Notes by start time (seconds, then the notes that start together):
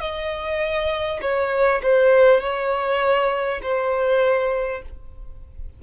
0.00 D#5
1.21 C#5
1.82 C5
2.41 C#5
3.62 C5